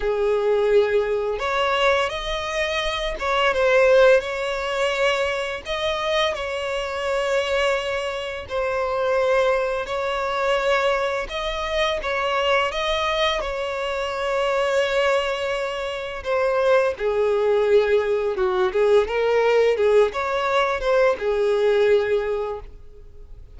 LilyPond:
\new Staff \with { instrumentName = "violin" } { \time 4/4 \tempo 4 = 85 gis'2 cis''4 dis''4~ | dis''8 cis''8 c''4 cis''2 | dis''4 cis''2. | c''2 cis''2 |
dis''4 cis''4 dis''4 cis''4~ | cis''2. c''4 | gis'2 fis'8 gis'8 ais'4 | gis'8 cis''4 c''8 gis'2 | }